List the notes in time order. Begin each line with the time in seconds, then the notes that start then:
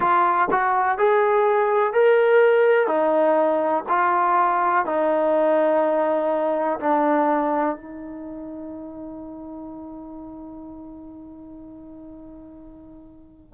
0.00 F4
0.51 F#4
0.98 G#4
1.93 A#4
2.87 D#4
3.88 F4
4.85 D#4
6.79 D4
7.76 D#4